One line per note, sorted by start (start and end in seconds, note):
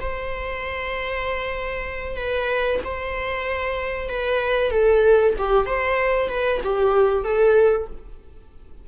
0.00 2.16 C5
2.16 2.80 B4
2.84 4.09 C5
4.09 4.71 B4
4.71 5.34 A4
5.38 5.66 G4
5.66 6.29 C5
6.29 6.61 B4
6.64 7.24 G4
7.24 7.87 A4